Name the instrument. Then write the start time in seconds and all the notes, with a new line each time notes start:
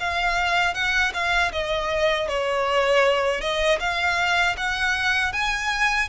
violin
0.00 F5
0.75 F#5
1.14 F5
1.53 D#5
2.29 C#5
3.41 D#5
3.80 F5
4.57 F#5
5.33 G#5